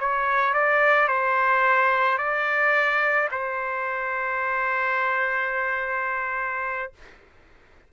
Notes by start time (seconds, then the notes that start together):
0.00 C#5
0.54 D5
1.08 C5
2.18 D5
3.32 C5